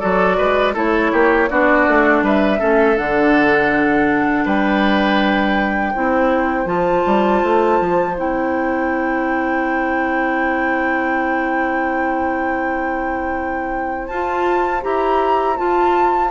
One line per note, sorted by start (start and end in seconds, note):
0.00 0.40 F#3
0.00 0.75 F#4
0.00 0.37 A4
0.00 0.74 D5
0.38 0.75 G#3
0.38 0.74 B4
0.74 1.12 A3
0.74 1.49 E4
0.74 1.11 A4
0.74 1.50 C#5
1.13 1.50 A#3
1.13 1.50 G4
1.50 1.88 B3
1.50 2.59 D4
1.50 2.25 F#4
1.50 2.24 D5
1.88 2.23 A3
2.23 2.60 G3
2.23 2.59 B4
2.23 2.98 E5
2.59 2.99 A3
2.59 2.96 C#4
2.59 4.45 A4
2.97 4.46 D3
2.97 5.93 D4
2.97 4.46 F#5
4.46 5.94 G3
4.46 5.93 B4
4.46 6.68 G5
5.93 6.66 C4
5.93 6.66 E4
5.93 16.30 C5
6.66 7.03 F3
6.66 8.14 F4
6.66 8.16 A5
7.07 7.43 G3
7.43 7.80 A3
7.81 8.18 F3
8.17 14.09 C4
8.17 14.10 E4
8.17 14.08 G5
14.08 14.83 F4
14.08 14.82 F4
14.08 14.82 A5
14.82 15.59 E4
14.82 15.56 G4
14.82 15.57 A#5
15.57 16.31 F4
15.57 16.31 A5